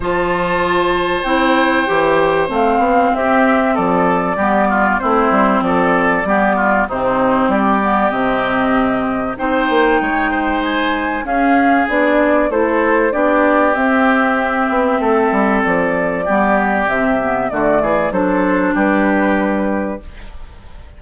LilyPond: <<
  \new Staff \with { instrumentName = "flute" } { \time 4/4 \tempo 4 = 96 a''2 g''2 | f''4 e''4 d''2 | c''4 d''2 c''4 | d''4 dis''2 g''4~ |
g''4 gis''4 f''4 d''4 | c''4 d''4 e''2~ | e''4 d''2 e''4 | d''4 c''4 b'2 | }
  \new Staff \with { instrumentName = "oboe" } { \time 4/4 c''1~ | c''4 g'4 a'4 g'8 f'8 | e'4 a'4 g'8 f'8 dis'4 | g'2. c''4 |
cis''8 c''4. gis'2 | a'4 g'2. | a'2 g'2 | fis'8 gis'8 a'4 g'2 | }
  \new Staff \with { instrumentName = "clarinet" } { \time 4/4 f'2 e'4 g'4 | c'2. b4 | c'2 b4 c'4~ | c'8 b8 c'2 dis'4~ |
dis'2 cis'4 d'4 | e'4 d'4 c'2~ | c'2 b4 c'8 b8 | a4 d'2. | }
  \new Staff \with { instrumentName = "bassoon" } { \time 4/4 f2 c'4 e4 | a8 b8 c'4 f4 g4 | a8 g8 f4 g4 c4 | g4 c2 c'8 ais8 |
gis2 cis'4 b4 | a4 b4 c'4. b8 | a8 g8 f4 g4 c4 | d8 e8 fis4 g2 | }
>>